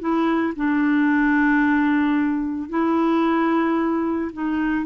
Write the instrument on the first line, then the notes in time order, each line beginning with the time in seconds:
clarinet
0.00 E4
0.56 D4
2.70 E4
4.33 D#4